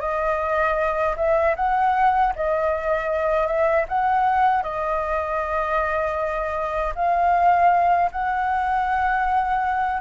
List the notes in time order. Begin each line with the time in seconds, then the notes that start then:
0.00 D#5
1.17 E5
1.56 F#5
2.35 D#5
3.47 E5
3.88 F#5
4.63 D#5
6.95 F5
8.12 F#5